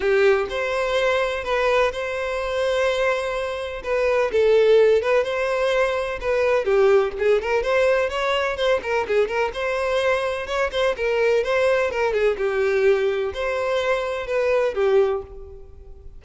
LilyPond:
\new Staff \with { instrumentName = "violin" } { \time 4/4 \tempo 4 = 126 g'4 c''2 b'4 | c''1 | b'4 a'4. b'8 c''4~ | c''4 b'4 g'4 gis'8 ais'8 |
c''4 cis''4 c''8 ais'8 gis'8 ais'8 | c''2 cis''8 c''8 ais'4 | c''4 ais'8 gis'8 g'2 | c''2 b'4 g'4 | }